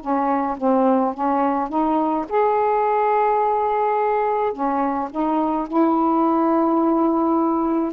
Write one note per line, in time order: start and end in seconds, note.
0.00 0.57 C#4
0.57 1.14 C4
1.14 1.69 C#4
1.69 2.25 D#4
2.29 4.53 G#4
4.53 5.09 C#4
5.11 5.67 D#4
5.67 7.92 E4